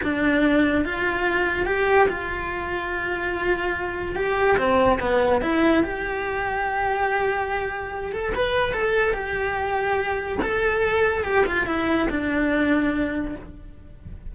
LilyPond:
\new Staff \with { instrumentName = "cello" } { \time 4/4 \tempo 4 = 144 d'2 f'2 | g'4 f'2.~ | f'2 g'4 c'4 | b4 e'4 g'2~ |
g'2.~ g'8 a'8 | b'4 a'4 g'2~ | g'4 a'2 g'8 f'8 | e'4 d'2. | }